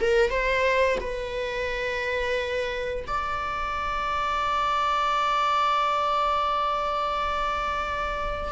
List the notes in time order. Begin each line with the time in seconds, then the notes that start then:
0.00 A#4
0.30 C5
1.00 B4
3.07 D5